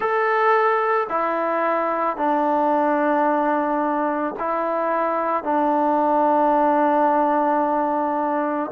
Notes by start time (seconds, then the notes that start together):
0.00 A4
1.09 E4
2.16 D4
4.39 E4
5.43 D4